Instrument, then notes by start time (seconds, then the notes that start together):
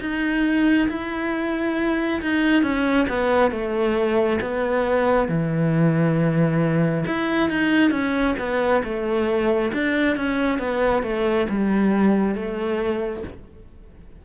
cello
0.00 D#4
0.88 E4
2.21 D#4
2.62 C#4
3.08 B3
3.51 A3
4.41 B3
5.28 E3
7.06 E4
7.49 D#4
7.91 C#4
8.38 B3
8.84 A3
9.73 D4
10.16 C#4
10.58 B3
11.03 A3
11.49 G3
12.35 A3